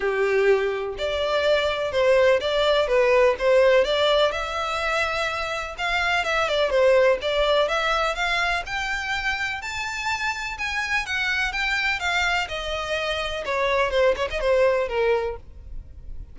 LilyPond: \new Staff \with { instrumentName = "violin" } { \time 4/4 \tempo 4 = 125 g'2 d''2 | c''4 d''4 b'4 c''4 | d''4 e''2. | f''4 e''8 d''8 c''4 d''4 |
e''4 f''4 g''2 | a''2 gis''4 fis''4 | g''4 f''4 dis''2 | cis''4 c''8 cis''16 dis''16 c''4 ais'4 | }